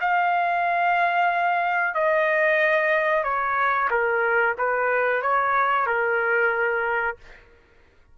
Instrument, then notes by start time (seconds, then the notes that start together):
trumpet
0.00 F5
1.94 D#5
3.23 C#5
3.90 A#4
4.58 B4
5.22 C#5
5.86 A#4